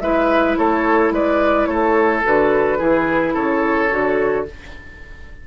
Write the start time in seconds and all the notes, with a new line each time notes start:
0.00 G#3 E4 B4 E5
0.57 A3 A4 C#5
1.11 G#3 B4 D5
1.66 A3 A4 C#5
2.25 D3 F#4 B4
2.79 E3 E4 G#4
3.34 C#3 A4 C#5
3.90 D3 F#4